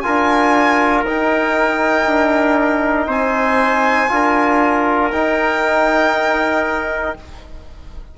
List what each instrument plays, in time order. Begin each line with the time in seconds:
0.00 trombone F4, trumpet A#4, violin G#5
0.06 bassoon D4
1.03 bassoon D#4, trombone D#4, violin G5
2.05 bassoon D4
3.07 bassoon C4, trumpet C5, violin G#5
4.08 bassoon D4, trombone F4, trumpet A#4
5.11 bassoon D#4, trombone D#4, violin G5